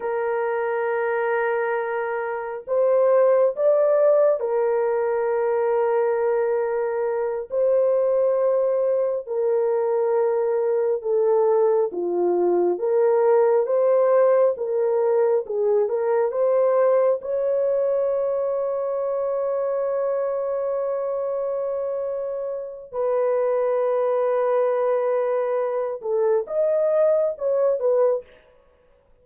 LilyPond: \new Staff \with { instrumentName = "horn" } { \time 4/4 \tempo 4 = 68 ais'2. c''4 | d''4 ais'2.~ | ais'8 c''2 ais'4.~ | ais'8 a'4 f'4 ais'4 c''8~ |
c''8 ais'4 gis'8 ais'8 c''4 cis''8~ | cis''1~ | cis''2 b'2~ | b'4. a'8 dis''4 cis''8 b'8 | }